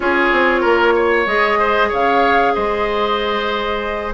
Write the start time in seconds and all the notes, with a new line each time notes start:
0.00 C#4 F4 G#4 C#5
0.32 C4
0.60 A#3 A#4
0.95 C#5
1.26 G#3 G#4 D#5
1.59 C5
1.88 C#3 C#5 F5
2.54 G#3 C5 D#5